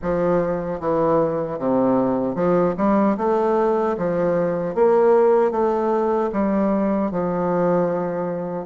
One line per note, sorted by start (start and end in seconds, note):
0.02 0.80 F3
0.80 1.58 E3
1.58 2.35 C3
2.35 2.74 F3
2.77 3.17 G3
3.17 3.96 A3
3.97 4.74 F3
4.74 5.51 A#3
5.51 6.30 A3
6.32 7.11 G3
7.11 8.66 F3